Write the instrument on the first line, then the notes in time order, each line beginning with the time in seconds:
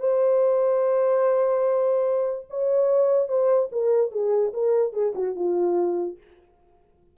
horn
0.00 C5
2.50 C#5
3.29 C5
3.72 A#4
4.12 G#4
4.54 A#4
4.93 G#4
5.15 F#4
5.36 F4